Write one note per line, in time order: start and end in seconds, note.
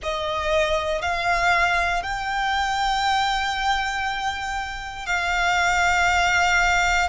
0.02 1.01 D#5
1.01 2.02 F5
2.02 5.06 G5
5.06 7.08 F5